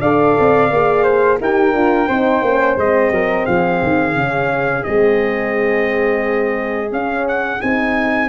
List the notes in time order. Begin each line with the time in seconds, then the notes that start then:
0.00 D4 A4 D5 F5
0.39 C4
0.70 A#3 G#4
1.03 C5
1.41 D#4 G4 A#4 G5
1.73 D4 F4
2.07 C4 D#4 C5
2.42 A#3 C#4
2.77 G#3 C4 D#5
3.11 F#3 A#4
3.45 F3 G#4 F5
3.82 D#3
4.15 C#3 C#4
4.83 G#3 C4 D#5
6.90 C#4 F5
7.28 F#5
7.60 C4 D#4 G#5